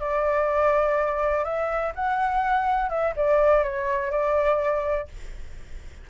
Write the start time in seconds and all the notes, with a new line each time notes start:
0.00 D5
1.45 E5
1.96 F#5
2.90 E5
3.16 D5
3.64 C#5
4.11 D5